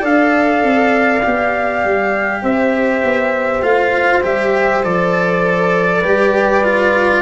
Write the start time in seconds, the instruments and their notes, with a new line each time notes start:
0.00 tuba D4, cello A4, horn D5, trumpet F5
0.63 tuba C4
1.23 tuba B3, cello G4
1.84 tuba G3
2.43 tuba C4, horn C5, trumpet E5
3.04 tuba B3
3.62 tuba A3, cello F4, trumpet F5
4.24 tuba G3, cello G4, trumpet E5
4.83 tuba F3, cello A4, trumpet D5
6.01 tuba G3, cello G4, horn B4
6.64 cello F4